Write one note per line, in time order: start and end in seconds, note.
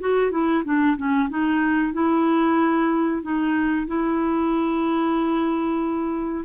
0.00 0.31 F#4
0.31 0.63 E4
0.64 0.96 D4
0.97 1.29 C#4
1.29 1.93 D#4
1.93 3.22 E4
3.22 3.87 D#4
3.87 6.45 E4